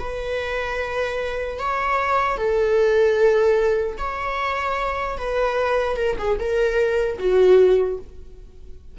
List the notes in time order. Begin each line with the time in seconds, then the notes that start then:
0.00 B4
1.59 C#5
2.37 A4
3.98 C#5
5.18 B4
5.97 A#4
6.19 G#4
6.40 A#4
7.19 F#4